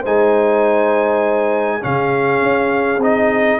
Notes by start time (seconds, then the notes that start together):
0.00 G#3 D#4 C5 G#5
1.81 C#3 C#4 G#4 F5
2.41 C#4
2.98 C4 D#4 D#5